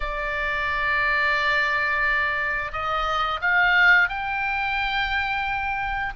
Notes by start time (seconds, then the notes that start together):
0.00 D5
2.72 D#5
3.41 F5
4.08 G5